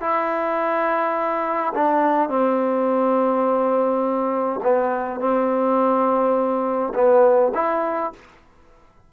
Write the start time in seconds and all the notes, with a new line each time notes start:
0.00 E4
1.74 D4
2.29 C4
4.63 B3
5.20 C4
6.94 B3
7.54 E4